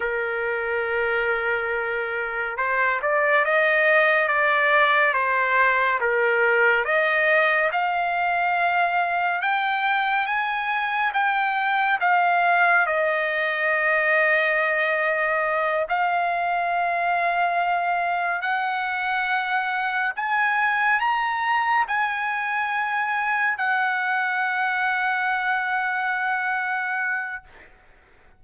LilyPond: \new Staff \with { instrumentName = "trumpet" } { \time 4/4 \tempo 4 = 70 ais'2. c''8 d''8 | dis''4 d''4 c''4 ais'4 | dis''4 f''2 g''4 | gis''4 g''4 f''4 dis''4~ |
dis''2~ dis''8 f''4.~ | f''4. fis''2 gis''8~ | gis''8 ais''4 gis''2 fis''8~ | fis''1 | }